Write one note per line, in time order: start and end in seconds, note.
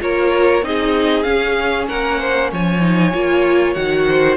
0.00 0.62 A#3
0.00 0.62 F4
0.00 0.66 A#4
0.00 0.65 C#5
0.62 1.25 C4
0.62 1.24 D#4
0.62 1.89 G#4
0.62 1.23 D#5
1.23 2.80 C#4
1.23 1.88 C#4
1.23 1.86 F5
1.88 2.53 A#3
1.88 2.20 A#4
1.88 2.51 F#5
2.20 2.51 C5
2.52 3.14 F3
2.52 4.08 C#5
2.52 3.74 G#5
2.82 3.13 D#4
3.14 3.76 A#3
3.14 3.75 F4
3.74 4.37 D#3
3.74 4.37 F#4
3.74 4.36 F#5
4.08 4.37 C5